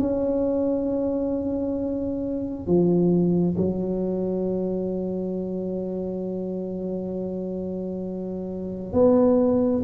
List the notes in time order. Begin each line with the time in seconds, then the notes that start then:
0.00 C#4
2.67 F3
3.57 F#3
8.93 B3